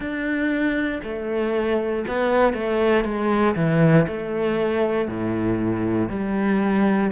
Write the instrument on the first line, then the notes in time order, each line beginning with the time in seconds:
cello
0.00 D4
1.03 A3
2.07 B3
2.53 A3
3.04 G#3
3.55 E3
4.07 A3
5.08 A2
6.09 G3